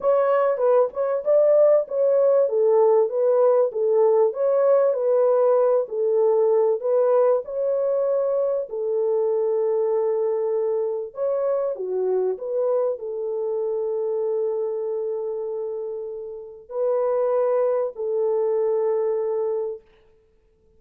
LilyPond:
\new Staff \with { instrumentName = "horn" } { \time 4/4 \tempo 4 = 97 cis''4 b'8 cis''8 d''4 cis''4 | a'4 b'4 a'4 cis''4 | b'4. a'4. b'4 | cis''2 a'2~ |
a'2 cis''4 fis'4 | b'4 a'2.~ | a'2. b'4~ | b'4 a'2. | }